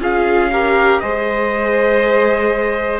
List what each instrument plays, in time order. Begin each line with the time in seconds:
0.00 cello C#4, viola F4, violin G#4, trumpet F5
0.52 viola G4, violin A#4
1.00 cello G#3, viola G#4, violin C5, trumpet D#5